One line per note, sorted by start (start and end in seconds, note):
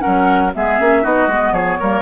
0.00 0.50 C#4
0.00 0.53 A#4
0.00 0.51 F#5
0.06 0.55 F#3
0.55 0.80 G#3
0.55 0.80 B3
0.55 1.03 G#4
0.55 1.05 E5
0.80 1.04 A#3
0.80 1.03 C#4
1.03 1.27 B3
1.03 1.28 D#4
1.03 1.53 F#4
1.03 1.54 D#5
1.27 1.52 G#3
1.27 1.81 B3
1.52 1.77 F3
1.52 1.78 G#4
1.52 2.02 C#5
1.80 2.02 G3
1.80 2.02 A#3
1.80 2.02 A#4